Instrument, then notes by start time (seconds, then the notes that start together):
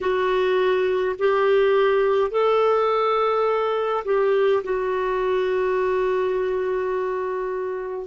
clarinet
0.00 F#4
1.19 G4
2.31 A4
4.04 G4
4.63 F#4